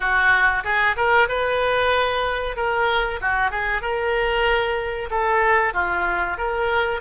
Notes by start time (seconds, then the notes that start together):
0.00 F#4
0.64 G#4
0.96 A#4
1.28 B4
2.56 A#4
3.21 F#4
3.50 G#4
3.82 A#4
5.10 A4
5.73 F4
6.37 A#4